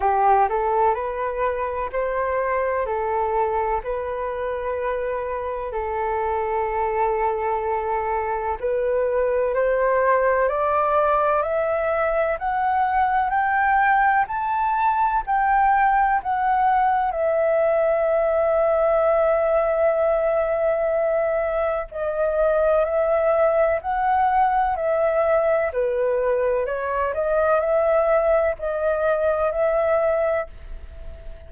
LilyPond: \new Staff \with { instrumentName = "flute" } { \time 4/4 \tempo 4 = 63 g'8 a'8 b'4 c''4 a'4 | b'2 a'2~ | a'4 b'4 c''4 d''4 | e''4 fis''4 g''4 a''4 |
g''4 fis''4 e''2~ | e''2. dis''4 | e''4 fis''4 e''4 b'4 | cis''8 dis''8 e''4 dis''4 e''4 | }